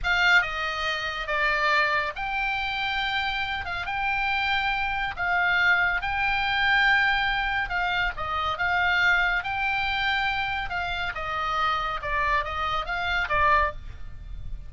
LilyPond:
\new Staff \with { instrumentName = "oboe" } { \time 4/4 \tempo 4 = 140 f''4 dis''2 d''4~ | d''4 g''2.~ | g''8 f''8 g''2. | f''2 g''2~ |
g''2 f''4 dis''4 | f''2 g''2~ | g''4 f''4 dis''2 | d''4 dis''4 f''4 d''4 | }